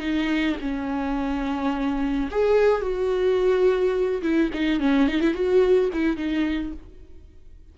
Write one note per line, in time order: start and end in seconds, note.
0.00 0.56 D#4
0.61 2.30 C#4
2.31 2.82 G#4
2.82 4.22 F#4
4.23 4.51 E4
4.54 4.80 D#4
4.80 5.08 C#4
5.08 5.21 D#4
5.21 5.34 E4
5.34 5.90 F#4
5.93 6.17 E4
6.17 6.73 D#4